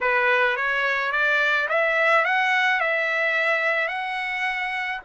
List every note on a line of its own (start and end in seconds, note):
0.01 0.56 B4
0.56 1.11 C#5
1.11 1.67 D5
1.68 2.25 E5
2.25 2.80 F#5
2.80 3.88 E5
3.88 5.00 F#5